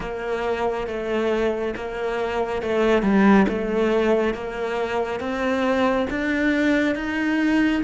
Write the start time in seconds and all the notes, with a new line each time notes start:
0.00 A#3
0.87 A3
1.75 A#3
2.62 A3
3.02 G3
3.48 A3
4.34 A#3
5.20 C4
6.10 D4
6.95 D#4